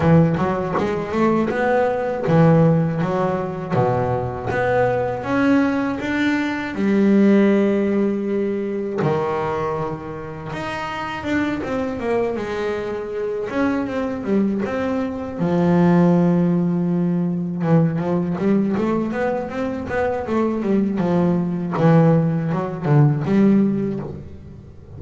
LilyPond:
\new Staff \with { instrumentName = "double bass" } { \time 4/4 \tempo 4 = 80 e8 fis8 gis8 a8 b4 e4 | fis4 b,4 b4 cis'4 | d'4 g2. | dis2 dis'4 d'8 c'8 |
ais8 gis4. cis'8 c'8 g8 c'8~ | c'8 f2. e8 | f8 g8 a8 b8 c'8 b8 a8 g8 | f4 e4 fis8 d8 g4 | }